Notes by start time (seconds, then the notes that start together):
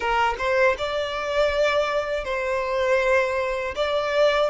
0.00 A#4
0.38 C5
0.77 D5
2.24 C5
3.75 D5